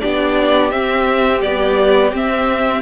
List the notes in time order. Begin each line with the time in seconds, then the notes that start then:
0.00 B3 D4 G4 D5
0.71 C4 E5
1.40 G3 B3 D5
2.13 C4 E5